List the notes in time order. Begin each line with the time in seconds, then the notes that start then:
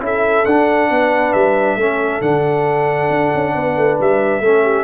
0.00 C#4 E4 A4 E5
0.45 D4 F#5
0.89 B3 B4
1.33 G3 E5
1.76 A3 C#4 A4
2.21 D3 D4 F#5
3.09 D4
3.35 C#4
3.55 B3 B4
3.77 A3
4.00 G3 E5
4.40 A3 C#4 A4
4.62 G4